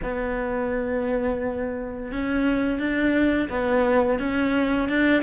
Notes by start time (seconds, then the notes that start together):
0.02 B3
2.12 C#4
2.79 D4
3.49 B3
4.19 C#4
4.88 D4